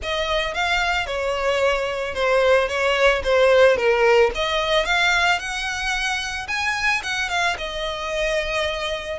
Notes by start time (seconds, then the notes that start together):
0.02 D#5
0.54 F5
1.06 C#5
2.14 C5
2.68 C#5
3.23 C5
3.76 A#4
4.34 D#5
4.85 F5
5.39 F#5
6.47 G#5
7.03 F#5
7.29 F5
7.57 D#5